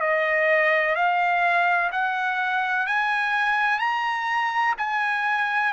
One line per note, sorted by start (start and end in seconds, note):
0.00 0.95 D#5
0.95 1.90 F5
1.92 2.87 F#5
2.87 3.79 G#5
3.79 4.74 A#5
4.78 5.73 G#5